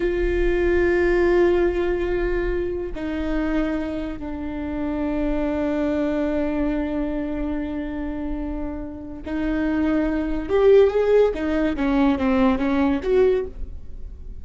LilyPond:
\new Staff \with { instrumentName = "viola" } { \time 4/4 \tempo 4 = 143 f'1~ | f'2. dis'4~ | dis'2 d'2~ | d'1~ |
d'1~ | d'2 dis'2~ | dis'4 g'4 gis'4 dis'4 | cis'4 c'4 cis'4 fis'4 | }